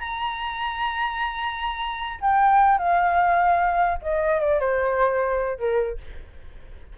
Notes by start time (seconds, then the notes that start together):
0.00 A#5
2.21 G5
2.78 F5
4.02 D#5
4.41 D5
4.60 C5
5.59 A#4